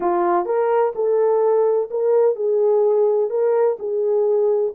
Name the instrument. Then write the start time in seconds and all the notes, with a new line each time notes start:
horn
0.00 F4
0.45 A#4
0.95 A4
1.90 A#4
2.35 G#4
3.29 A#4
3.79 G#4